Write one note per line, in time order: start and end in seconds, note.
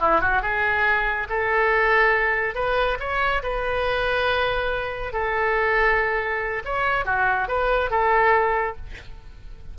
0.00 0.21 E4
0.21 0.42 F#4
0.42 1.28 G#4
1.29 2.55 A4
2.55 2.98 B4
3.00 3.42 C#5
3.43 5.13 B4
5.13 6.63 A4
6.65 7.05 C#5
7.05 7.48 F#4
7.48 7.91 B4
7.91 8.76 A4